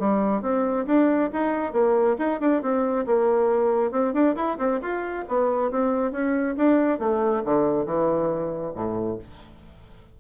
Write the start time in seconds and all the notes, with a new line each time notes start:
0.00 G3
0.42 C4
0.87 D4
1.33 D#4
1.73 A#3
2.19 D#4
2.41 D4
2.63 C4
3.07 A#3
3.92 C4
4.14 D4
4.36 E4
4.59 C4
4.82 F4
5.29 B3
5.72 C4
6.12 C#4
6.58 D4
7.00 A3
7.45 D3
7.86 E3
8.75 A2